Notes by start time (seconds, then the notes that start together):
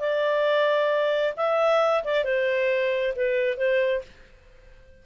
0.00 D5
1.37 E5
2.04 D5
2.24 C5
3.16 B4
3.57 C5